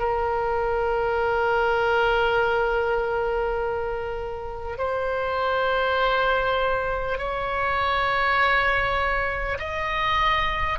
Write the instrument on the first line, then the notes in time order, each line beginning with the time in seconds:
oboe
0.00 A#4
4.79 C5
7.18 C#5
9.59 D#5